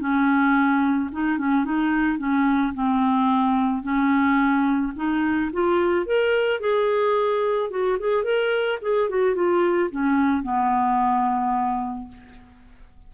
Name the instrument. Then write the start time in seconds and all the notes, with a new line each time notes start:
clarinet
0.00 C#4
1.12 D#4
1.39 C#4
1.65 D#4
2.18 C#4
2.74 C4
3.83 C#4
4.96 D#4
5.53 F4
6.06 A#4
6.61 G#4
7.70 F#4
8.00 G#4
8.24 A#4
8.82 G#4
9.10 F#4
9.35 F4
9.91 C#4
10.43 B3